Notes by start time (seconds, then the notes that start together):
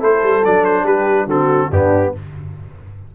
0.00 A3 E4 A4 C5
0.24 G3
0.45 F#3 D4 D5
0.65 C5
0.84 G3 G4 B4
1.26 D3 C4 F#4 A4
1.71 G2 B3 D4 G4